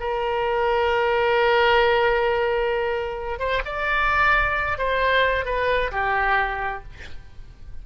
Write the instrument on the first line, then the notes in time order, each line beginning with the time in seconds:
oboe
0.00 A#4
3.39 C5
3.65 D5
4.78 C5
5.45 B4
5.91 G4